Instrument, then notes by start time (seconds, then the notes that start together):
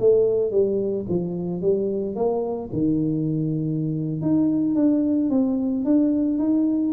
tuba
0.00 A3
0.52 G3
1.09 F3
1.62 G3
2.16 A#3
2.73 D#3
4.22 D#4
4.76 D4
5.30 C4
5.85 D4
6.39 D#4